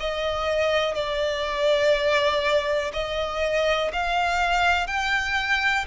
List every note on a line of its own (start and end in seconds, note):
0.00 0.95 D#5
0.95 2.92 D5
2.93 3.91 D#5
3.93 4.87 F5
4.87 5.86 G5